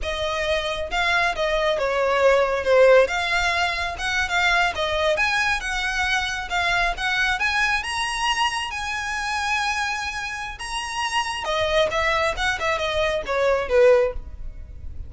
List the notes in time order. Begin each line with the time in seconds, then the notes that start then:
0.02 D#5
0.90 F5
1.35 D#5
1.78 C#5
2.64 C5
3.07 F5
3.98 F#5
4.28 F5
4.75 D#5
5.17 G#5
5.60 F#5
6.49 F5
6.97 F#5
7.39 G#5
7.83 A#5
8.71 G#5
10.58 A#5
11.44 D#5
11.90 E5
12.36 F#5
12.59 E5
12.78 D#5
13.26 C#5
13.69 B4